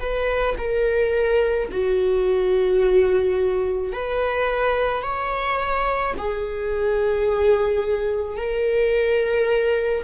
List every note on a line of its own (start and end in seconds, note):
0.00 0.56 B4
0.58 1.69 A#4
1.71 3.92 F#4
3.92 5.03 B4
5.03 6.14 C#5
6.18 8.37 G#4
8.37 10.04 A#4